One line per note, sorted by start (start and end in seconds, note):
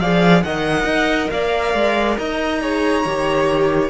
0.00 0.44 F3
0.00 0.45 G#4
0.00 0.44 D5
0.00 0.43 F5
0.43 0.84 D#3
0.43 2.62 A#4
0.43 1.32 D#5
0.43 1.30 F#5
0.84 1.28 D#4
1.30 1.74 A#3
1.30 2.18 D5
1.30 2.17 F5
1.74 2.18 G#3
2.18 3.06 D#4
2.18 2.62 D#5
2.18 3.90 A#5
2.62 3.05 G#4
2.62 3.90 C#5
3.06 3.90 D#3
3.06 3.90 G4